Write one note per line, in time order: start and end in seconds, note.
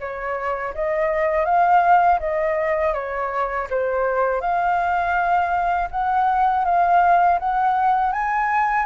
0.00 0.74 C#5
0.74 1.45 D#5
1.45 2.19 F5
2.20 2.94 D#5
2.94 3.68 C#5
3.70 4.41 C5
4.41 5.89 F5
5.91 6.65 F#5
6.65 7.39 F5
7.39 8.12 F#5
8.12 8.86 G#5